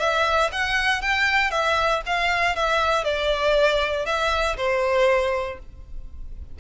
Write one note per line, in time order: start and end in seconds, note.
0.00 0.51 E5
0.52 1.02 F#5
1.02 1.51 G5
1.51 2.02 E5
2.07 2.56 F5
2.56 3.04 E5
3.04 4.06 D5
4.06 4.57 E5
4.57 5.59 C5